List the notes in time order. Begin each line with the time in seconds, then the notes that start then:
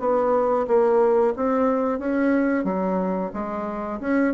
0.00 B3
0.68 A#3
1.37 C4
1.99 C#4
2.65 F#3
3.34 G#3
4.01 C#4